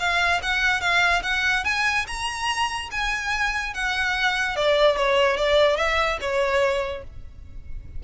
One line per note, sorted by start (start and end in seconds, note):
0.00 0.41 F5
0.43 0.81 F#5
0.81 1.23 F5
1.24 1.65 F#5
1.65 2.07 G#5
2.08 2.90 A#5
2.92 3.74 G#5
3.75 4.56 F#5
4.56 4.97 D5
4.97 5.37 C#5
5.37 5.77 D5
5.77 6.19 E5
6.21 7.04 C#5